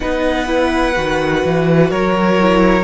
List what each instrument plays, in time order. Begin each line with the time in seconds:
0.00 cello B3, viola D#4, violin B4 F#5
0.46 viola E4
0.94 cello D#3, viola F#4
1.45 cello E3
1.90 cello F#3, violin A#4 C#5
2.40 viola E4